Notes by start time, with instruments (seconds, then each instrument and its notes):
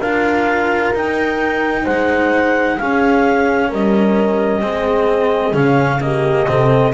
0.00 double bass D4, cello F4, horn A#4, clarinet F5
0.93 double bass D#4, cello D#4, clarinet G5
1.84 double bass G#3, horn C5, clarinet F#5
2.79 cello C#4, double bass C#4, horn G#4, clarinet F5
3.70 double bass G3, horn A#4, clarinet D#5
4.62 double bass G#3, cello C4, horn G#4
5.54 double bass C#3, cello C#4, clarinet F5
6.01 cello A#3, horn G4, clarinet D#5
6.48 double bass C3, cello C4, horn A4